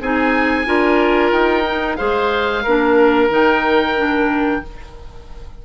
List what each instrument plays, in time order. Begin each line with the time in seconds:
0.00 bassoon C4, clarinet D#4, oboe G#4 G#5
0.65 bassoon D4, clarinet F4, oboe A#4
1.31 bassoon D#4, oboe G5
1.65 clarinet D#4
1.96 bassoon G#3, clarinet G#4, oboe C5 F5
2.63 bassoon A#3, clarinet D4, oboe A#4
3.29 bassoon D#3, clarinet D#4, oboe G5
3.97 clarinet D4